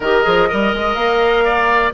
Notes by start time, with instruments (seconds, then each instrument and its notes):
0.00 bassoon D#3, clarinet G4, oboe A#4, flute D#5
0.23 bassoon F3, clarinet G#4
0.47 bassoon G3, clarinet A#4, oboe D#5
0.74 bassoon G#3
0.94 bassoon A#3, flute F5
1.44 oboe D5